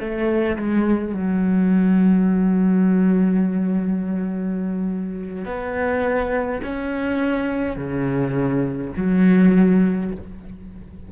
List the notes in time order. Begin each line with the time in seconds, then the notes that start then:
0.00 A3
0.57 G#3
1.14 F#3
5.45 B3
6.63 C#4
7.77 C#3
8.97 F#3